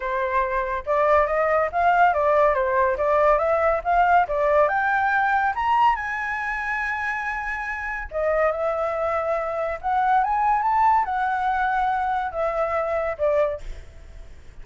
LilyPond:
\new Staff \with { instrumentName = "flute" } { \time 4/4 \tempo 4 = 141 c''2 d''4 dis''4 | f''4 d''4 c''4 d''4 | e''4 f''4 d''4 g''4~ | g''4 ais''4 gis''2~ |
gis''2. dis''4 | e''2. fis''4 | gis''4 a''4 fis''2~ | fis''4 e''2 d''4 | }